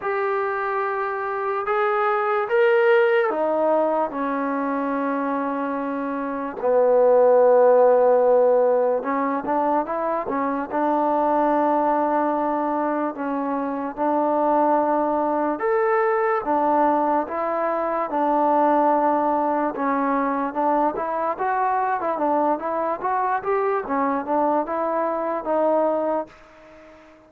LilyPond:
\new Staff \with { instrumentName = "trombone" } { \time 4/4 \tempo 4 = 73 g'2 gis'4 ais'4 | dis'4 cis'2. | b2. cis'8 d'8 | e'8 cis'8 d'2. |
cis'4 d'2 a'4 | d'4 e'4 d'2 | cis'4 d'8 e'8 fis'8. e'16 d'8 e'8 | fis'8 g'8 cis'8 d'8 e'4 dis'4 | }